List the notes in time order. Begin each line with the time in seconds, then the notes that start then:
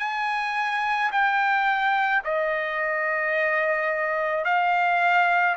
0.00 G#5
1.12 G5
2.25 D#5
4.45 F5